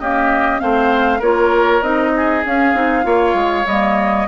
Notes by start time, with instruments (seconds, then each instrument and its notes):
0.00 clarinet A#3, bassoon C#4, oboe G4, flute D#5
0.59 bassoon A3, clarinet C4, oboe C5, flute F5
1.19 bassoon A#3, clarinet F4, oboe A#4, flute C#5
1.82 bassoon C4, clarinet D#4, flute D#5
2.16 oboe G#4
2.45 clarinet C#4, bassoon C#4, flute F5
2.74 bassoon C4, clarinet D#4
3.03 bassoon A#3, clarinet F4, oboe C#5
3.34 bassoon G#3
3.66 bassoon G3, clarinet A#3, flute D#5